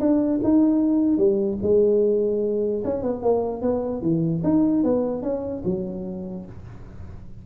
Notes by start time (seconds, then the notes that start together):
0.00 D4
0.43 D#4
1.18 G3
1.62 G#3
2.84 C#4
3.02 B3
3.22 A#3
3.61 B3
4.01 E3
4.43 D#4
4.83 B3
5.22 C#4
5.65 F#3